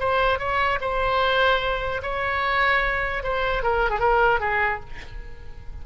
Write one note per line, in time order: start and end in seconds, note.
0.00 0.39 C5
0.39 0.79 C#5
0.81 2.02 C5
2.03 3.23 C#5
3.23 3.63 C5
3.63 3.90 A#4
3.90 4.00 G#4
4.00 4.40 A#4
4.40 4.80 G#4